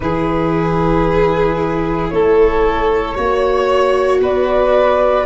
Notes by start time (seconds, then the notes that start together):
0.00 E3 E4 G#4 B4
2.09 A3 A4 C#5
3.14 A#3 F#4 C#5
4.20 B3 B4 D5